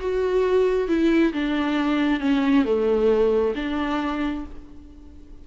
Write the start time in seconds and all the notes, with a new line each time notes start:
0.00 F#4
0.88 E4
1.34 D4
2.20 C#4
2.65 A3
3.56 D4